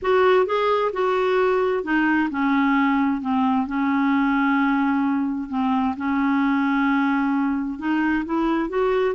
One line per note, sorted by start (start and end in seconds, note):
0.02 0.45 F#4
0.45 0.91 G#4
0.92 1.83 F#4
1.83 2.29 D#4
2.30 3.21 C#4
3.21 3.66 C4
3.66 5.49 C#4
5.49 5.95 C4
5.96 7.78 C#4
7.78 8.24 D#4
8.25 8.69 E4
8.69 9.15 F#4